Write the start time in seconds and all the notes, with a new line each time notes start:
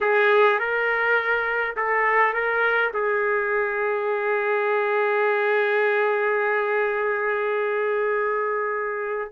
0.01 G#4
0.59 A#4
1.76 A4
2.33 A#4
2.93 G#4